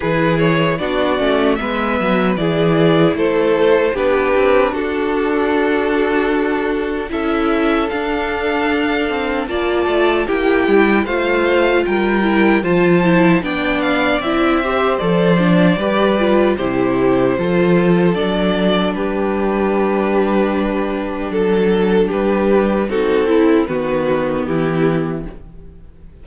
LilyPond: <<
  \new Staff \with { instrumentName = "violin" } { \time 4/4 \tempo 4 = 76 b'8 cis''8 d''4 e''4 d''4 | c''4 b'4 a'2~ | a'4 e''4 f''2 | a''4 g''4 f''4 g''4 |
a''4 g''8 f''8 e''4 d''4~ | d''4 c''2 d''4 | b'2. a'4 | b'4 a'4 b'4 g'4 | }
  \new Staff \with { instrumentName = "violin" } { \time 4/4 gis'4 fis'4 b'4 gis'4 | a'4 g'4 fis'2~ | fis'4 a'2. | d''4 g'4 c''4 ais'4 |
c''4 d''4. c''4. | b'4 g'4 a'2 | g'2. a'4 | g'4 fis'8 e'8 fis'4 e'4 | }
  \new Staff \with { instrumentName = "viola" } { \time 4/4 e'4 d'8 cis'8 b4 e'4~ | e'4 d'2.~ | d'4 e'4 d'2 | f'4 e'4 f'4. e'8 |
f'8 e'8 d'4 e'8 g'8 a'8 d'8 | g'8 f'8 e'4 f'4 d'4~ | d'1~ | d'4 dis'8 e'8 b2 | }
  \new Staff \with { instrumentName = "cello" } { \time 4/4 e4 b8 a8 gis8 fis8 e4 | a4 b8 c'8 d'2~ | d'4 cis'4 d'4. c'8 | ais8 a8 ais8 g8 a4 g4 |
f4 b4 c'4 f4 | g4 c4 f4 fis4 | g2. fis4 | g4 c'4 dis4 e4 | }
>>